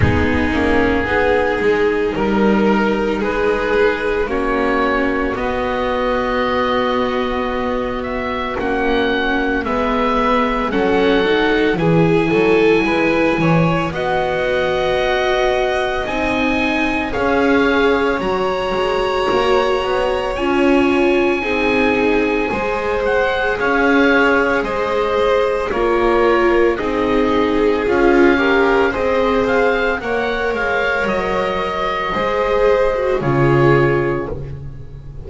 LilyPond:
<<
  \new Staff \with { instrumentName = "oboe" } { \time 4/4 \tempo 4 = 56 gis'2 ais'4 b'4 | cis''4 dis''2~ dis''8 e''8 | fis''4 e''4 fis''4 gis''4~ | gis''4 fis''2 gis''4 |
f''4 ais''2 gis''4~ | gis''4. fis''8 f''4 dis''4 | cis''4 dis''4 f''4 dis''8 f''8 | fis''8 f''8 dis''2 cis''4 | }
  \new Staff \with { instrumentName = "violin" } { \time 4/4 dis'4 gis'4 ais'4 gis'4 | fis'1~ | fis'4 b'4 a'4 gis'8 a'8 | b'8 cis''8 dis''2. |
cis''1 | gis'4 c''4 cis''4 c''4 | ais'4 gis'4. ais'8 c''4 | cis''2 c''4 gis'4 | }
  \new Staff \with { instrumentName = "viola" } { \time 4/4 b8 cis'8 dis'2. | cis'4 b2. | cis'4 b4 cis'8 dis'8 e'4~ | e'4 fis'2 dis'4 |
gis'4 fis'2 f'4 | dis'4 gis'2. | f'4 dis'4 f'8 g'8 gis'4 | ais'2 gis'8. fis'16 f'4 | }
  \new Staff \with { instrumentName = "double bass" } { \time 4/4 gis8 ais8 b8 gis8 g4 gis4 | ais4 b2. | ais4 gis4 fis4 e8 fis8 | gis8 e8 b2 c'4 |
cis'4 fis8 gis8 ais8 b8 cis'4 | c'4 gis4 cis'4 gis4 | ais4 c'4 cis'4 c'4 | ais8 gis8 fis4 gis4 cis4 | }
>>